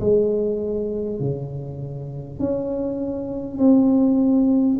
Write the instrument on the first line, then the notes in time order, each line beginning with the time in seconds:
tuba
0.00 G#3
1.20 C#3
2.39 C#4
3.58 C4